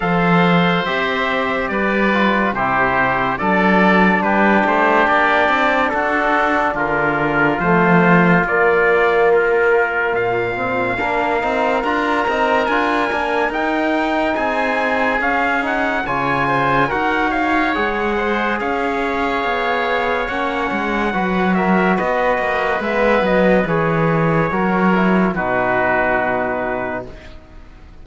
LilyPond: <<
  \new Staff \with { instrumentName = "trumpet" } { \time 4/4 \tempo 4 = 71 f''4 e''4 d''4 c''4 | d''4 b'8 c''8 d''4 a'4 | ais'4 c''4 d''4 ais'4 | f''2 ais''4 gis''4 |
g''4 gis''4 f''8 fis''8 gis''4 | fis''8 f''8 fis''4 f''2 | fis''4. e''8 dis''4 e''8 dis''8 | cis''2 b'2 | }
  \new Staff \with { instrumentName = "oboe" } { \time 4/4 c''2 b'4 g'4 | a'4 g'2 fis'4 | f'1~ | f'4 ais'2.~ |
ais'4 gis'2 cis''8 c''8 | ais'8 cis''4 c''8 cis''2~ | cis''4 b'8 ais'8 b'2~ | b'4 ais'4 fis'2 | }
  \new Staff \with { instrumentName = "trombone" } { \time 4/4 a'4 g'4. f'8 e'4 | d'1~ | d'4 a4 ais2~ | ais8 c'8 d'8 dis'8 f'8 dis'8 f'8 d'8 |
dis'2 cis'8 dis'8 f'4 | fis'4 gis'2. | cis'4 fis'2 b4 | gis'4 fis'8 e'8 dis'2 | }
  \new Staff \with { instrumentName = "cello" } { \time 4/4 f4 c'4 g4 c4 | fis4 g8 a8 ais8 c'8 d'4 | d4 f4 ais2 | ais,4 ais8 c'8 d'8 c'8 d'8 ais8 |
dis'4 c'4 cis'4 cis4 | dis'4 gis4 cis'4 b4 | ais8 gis8 fis4 b8 ais8 gis8 fis8 | e4 fis4 b,2 | }
>>